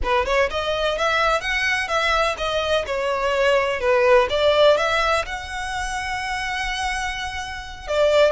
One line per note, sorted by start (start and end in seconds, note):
0.03 0.25 B4
0.25 0.49 C#5
0.50 0.97 D#5
0.97 1.40 E5
1.40 1.87 F#5
1.87 2.35 E5
2.37 2.85 D#5
2.86 3.80 C#5
3.80 4.28 B4
4.29 4.77 D5
4.77 5.25 E5
5.25 7.87 F#5
7.87 8.32 D5